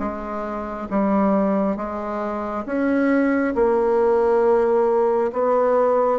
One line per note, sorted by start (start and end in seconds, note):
0.00 0.88 G#3
0.91 1.77 G3
1.77 2.65 G#3
2.66 3.55 C#4
3.56 5.32 A#3
5.33 6.20 B3